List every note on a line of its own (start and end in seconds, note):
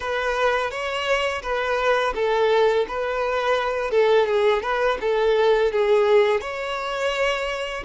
0.00 0.70 B4
0.70 1.42 C#5
1.42 2.13 B4
2.14 2.86 A4
2.88 3.90 B4
3.90 4.26 A4
4.26 4.62 G#4
4.62 4.98 B4
5.01 5.71 A4
5.71 6.40 G#4
6.40 7.83 C#5